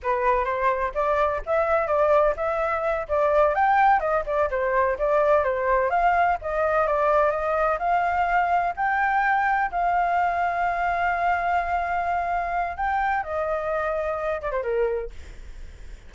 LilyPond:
\new Staff \with { instrumentName = "flute" } { \time 4/4 \tempo 4 = 127 b'4 c''4 d''4 e''4 | d''4 e''4. d''4 g''8~ | g''8 dis''8 d''8 c''4 d''4 c''8~ | c''8 f''4 dis''4 d''4 dis''8~ |
dis''8 f''2 g''4.~ | g''8 f''2.~ f''8~ | f''2. g''4 | dis''2~ dis''8 d''16 c''16 ais'4 | }